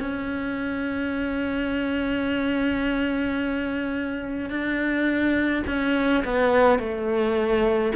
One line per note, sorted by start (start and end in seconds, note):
0.00 4.50 C#4
4.50 5.63 D4
5.67 6.24 C#4
6.25 6.79 B3
6.79 7.92 A3